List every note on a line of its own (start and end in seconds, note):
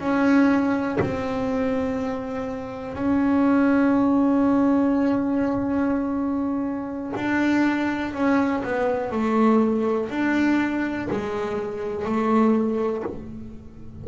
0.00 0.98 C#4
1.01 2.95 C4
2.95 7.13 C#4
7.16 8.14 D4
8.14 8.63 C#4
8.64 9.12 B3
9.12 10.10 A3
10.10 11.08 D4
11.11 12.05 G#3
12.05 13.03 A3